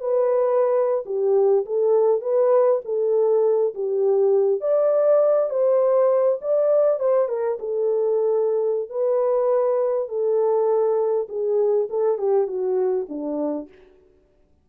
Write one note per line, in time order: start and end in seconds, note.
0.00 1.04 B4
1.06 1.65 G4
1.66 2.21 A4
2.21 2.81 B4
2.85 3.74 A4
3.74 4.61 G4
4.61 5.50 D5
5.50 6.39 C5
6.41 7.00 D5
7.00 7.28 C5
7.28 7.58 A#4
7.59 8.89 A4
8.89 10.08 B4
10.08 11.27 A4
11.29 11.88 G#4
11.89 12.18 A4
12.18 12.47 G4
12.47 13.07 F#4
13.09 13.68 D4